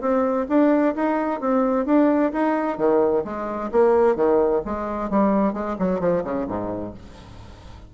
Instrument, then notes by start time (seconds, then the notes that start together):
bassoon
0.00 C4
0.49 D4
0.95 D#4
1.40 C4
1.85 D4
2.32 D#4
2.77 D#3
3.24 G#3
3.72 A#3
4.15 D#3
4.65 G#3
5.10 G3
5.53 G#3
5.79 F#3
6.00 F3
6.24 C#3
6.48 G#2